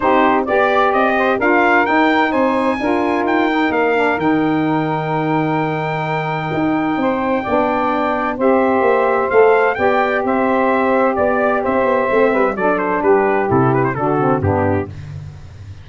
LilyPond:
<<
  \new Staff \with { instrumentName = "trumpet" } { \time 4/4 \tempo 4 = 129 c''4 d''4 dis''4 f''4 | g''4 gis''2 g''4 | f''4 g''2.~ | g''1~ |
g''2 e''2 | f''4 g''4 e''2 | d''4 e''2 d''8 c''8 | b'4 a'8 b'16 c''16 a'4 g'4 | }
  \new Staff \with { instrumentName = "saxophone" } { \time 4/4 g'4 d''4. c''8 ais'4~ | ais'4 c''4 ais'2~ | ais'1~ | ais'2. c''4 |
d''2 c''2~ | c''4 d''4 c''2 | d''4 c''4. b'8 a'4 | g'2 fis'4 d'4 | }
  \new Staff \with { instrumentName = "saxophone" } { \time 4/4 dis'4 g'2 f'4 | dis'2 f'4. dis'8~ | dis'8 d'8 dis'2.~ | dis'1 |
d'2 g'2 | a'4 g'2.~ | g'2 c'4 d'4~ | d'4 e'4 d'8 c'8 b4 | }
  \new Staff \with { instrumentName = "tuba" } { \time 4/4 c'4 b4 c'4 d'4 | dis'4 c'4 d'4 dis'4 | ais4 dis2.~ | dis2 dis'4 c'4 |
b2 c'4 ais4 | a4 b4 c'2 | b4 c'8 b8 a8 g8 fis4 | g4 c4 d4 g,4 | }
>>